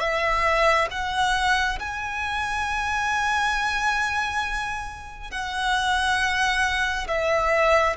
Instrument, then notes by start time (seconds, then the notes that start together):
violin
0.00 E5
0.91 F#5
1.79 G#5
5.31 F#5
7.08 E5